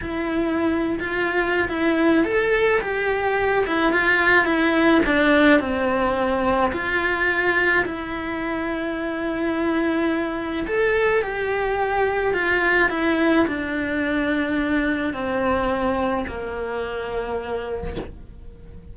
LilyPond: \new Staff \with { instrumentName = "cello" } { \time 4/4 \tempo 4 = 107 e'4.~ e'16 f'4~ f'16 e'4 | a'4 g'4. e'8 f'4 | e'4 d'4 c'2 | f'2 e'2~ |
e'2. a'4 | g'2 f'4 e'4 | d'2. c'4~ | c'4 ais2. | }